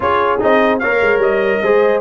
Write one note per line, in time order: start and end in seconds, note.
0.00 0.40 C#4
0.00 0.38 F4
0.00 0.80 G#4
0.00 0.41 C#5
0.40 0.83 C4
0.40 0.80 D#4
0.40 0.79 D#5
0.79 1.01 A#3
0.79 1.64 A#4
0.79 1.61 C#5
0.79 1.19 F5
1.01 1.18 G#3
1.18 1.58 G3
1.18 2.01 D#5
1.62 2.01 G#3
1.62 2.01 G#4
1.62 2.01 C5